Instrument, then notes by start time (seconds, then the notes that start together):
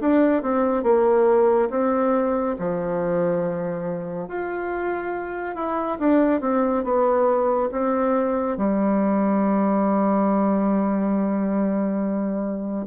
bassoon
0.00 D4
0.42 C4
0.83 A#3
1.70 C4
2.58 F3
4.28 F4
5.55 E4
5.99 D4
6.41 C4
6.84 B3
7.71 C4
8.57 G3